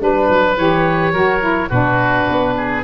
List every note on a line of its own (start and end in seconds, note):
0.00 0.29 G3
0.00 0.57 D4
0.00 0.58 B4
0.00 1.13 B4
0.29 0.57 F#3
0.57 1.14 E3
0.57 1.14 G4
0.57 1.70 C#5
1.13 1.70 F#3
1.13 1.40 F#4
1.13 1.69 A#4
1.40 1.69 E4
1.69 2.27 B2
1.69 2.84 D4
1.69 2.54 F#4
1.69 2.83 B4
2.29 2.84 B3
2.57 2.84 G#4